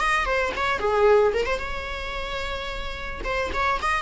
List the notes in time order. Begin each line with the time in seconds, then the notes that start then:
0.00 D#5
0.26 C5
0.57 C#5
0.79 G#4
1.34 A#4
1.46 C5
1.59 C#5
3.25 C5
3.54 C#5
3.82 D#5